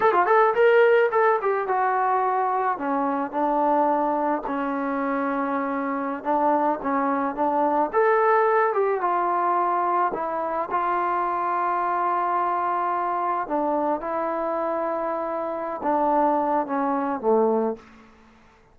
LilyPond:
\new Staff \with { instrumentName = "trombone" } { \time 4/4 \tempo 4 = 108 a'16 f'16 a'8 ais'4 a'8 g'8 fis'4~ | fis'4 cis'4 d'2 | cis'2.~ cis'16 d'8.~ | d'16 cis'4 d'4 a'4. g'16~ |
g'16 f'2 e'4 f'8.~ | f'1~ | f'16 d'4 e'2~ e'8.~ | e'8 d'4. cis'4 a4 | }